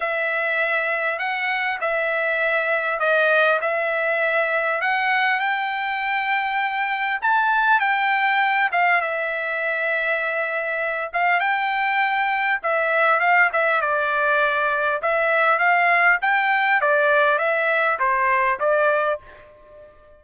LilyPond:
\new Staff \with { instrumentName = "trumpet" } { \time 4/4 \tempo 4 = 100 e''2 fis''4 e''4~ | e''4 dis''4 e''2 | fis''4 g''2. | a''4 g''4. f''8 e''4~ |
e''2~ e''8 f''8 g''4~ | g''4 e''4 f''8 e''8 d''4~ | d''4 e''4 f''4 g''4 | d''4 e''4 c''4 d''4 | }